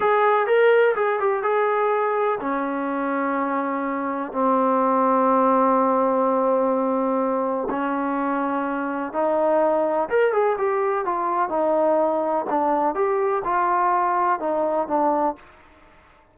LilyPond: \new Staff \with { instrumentName = "trombone" } { \time 4/4 \tempo 4 = 125 gis'4 ais'4 gis'8 g'8 gis'4~ | gis'4 cis'2.~ | cis'4 c'2.~ | c'1 |
cis'2. dis'4~ | dis'4 ais'8 gis'8 g'4 f'4 | dis'2 d'4 g'4 | f'2 dis'4 d'4 | }